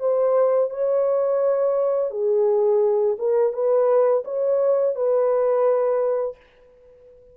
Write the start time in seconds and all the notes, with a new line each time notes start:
0.00 C5
0.71 C#5
2.11 G#4
3.19 A#4
3.53 B4
4.25 C#5
4.96 B4